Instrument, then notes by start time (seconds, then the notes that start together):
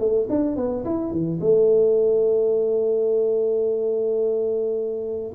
tuba
0.00 A3
0.30 D4
0.57 B3
0.85 E4
1.12 E3
1.41 A3